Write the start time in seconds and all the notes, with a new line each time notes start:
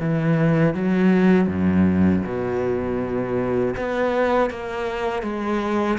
0.00 E3
0.74 F#3
1.48 F#2
2.25 B2
3.77 B3
4.50 A#3
5.23 G#3